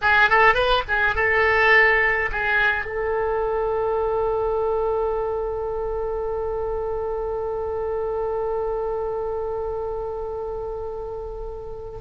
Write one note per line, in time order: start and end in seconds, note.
0.01 0.29 G#4
0.29 0.54 A4
0.54 0.83 B4
0.88 1.15 G#4
1.15 2.29 A4
2.31 2.85 G#4
2.85 11.99 A4